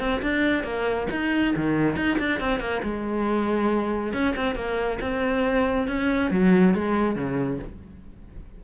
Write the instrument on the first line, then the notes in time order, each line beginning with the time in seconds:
cello
0.00 C4
0.22 D4
0.64 A#3
1.11 D#4
1.56 D#3
1.96 D#4
2.19 D4
2.40 C4
2.60 A#3
2.84 G#3
4.13 C#4
4.36 C4
4.56 A#3
5.01 C4
5.88 C#4
6.31 F#3
6.75 G#3
7.16 C#3